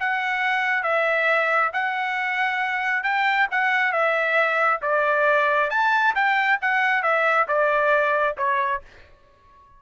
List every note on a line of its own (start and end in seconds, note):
0.00 0.83 F#5
0.83 1.72 E5
1.73 3.04 F#5
3.04 3.48 G5
3.51 3.92 F#5
3.92 4.81 E5
4.82 5.71 D5
5.71 6.15 A5
6.15 6.60 G5
6.62 7.03 F#5
7.03 7.47 E5
7.48 8.37 D5
8.38 8.82 C#5